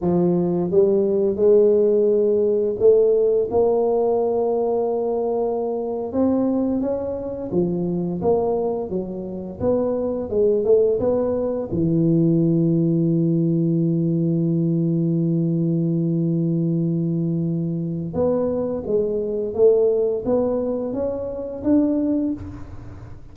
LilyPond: \new Staff \with { instrumentName = "tuba" } { \time 4/4 \tempo 4 = 86 f4 g4 gis2 | a4 ais2.~ | ais8. c'4 cis'4 f4 ais16~ | ais8. fis4 b4 gis8 a8 b16~ |
b8. e2.~ e16~ | e1~ | e2 b4 gis4 | a4 b4 cis'4 d'4 | }